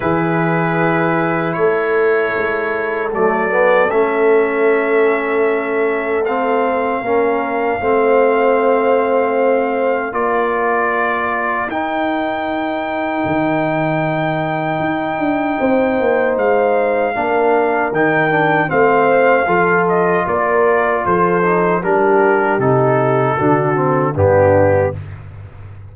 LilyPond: <<
  \new Staff \with { instrumentName = "trumpet" } { \time 4/4 \tempo 4 = 77 b'2 cis''2 | d''4 e''2. | f''1~ | f''4 d''2 g''4~ |
g''1~ | g''4 f''2 g''4 | f''4. dis''8 d''4 c''4 | ais'4 a'2 g'4 | }
  \new Staff \with { instrumentName = "horn" } { \time 4/4 gis'2 a'2~ | a'1~ | a'4 ais'4 c''2~ | c''4 ais'2.~ |
ais'1 | c''2 ais'2 | c''4 a'4 ais'4 a'4 | g'2 fis'4 d'4 | }
  \new Staff \with { instrumentName = "trombone" } { \time 4/4 e'1 | a8 b8 cis'2. | c'4 cis'4 c'2~ | c'4 f'2 dis'4~ |
dis'1~ | dis'2 d'4 dis'8 d'8 | c'4 f'2~ f'8 dis'8 | d'4 dis'4 d'8 c'8 b4 | }
  \new Staff \with { instrumentName = "tuba" } { \time 4/4 e2 a4 gis4 | fis4 a2.~ | a4 ais4 a2~ | a4 ais2 dis'4~ |
dis'4 dis2 dis'8 d'8 | c'8 ais8 gis4 ais4 dis4 | a4 f4 ais4 f4 | g4 c4 d4 g,4 | }
>>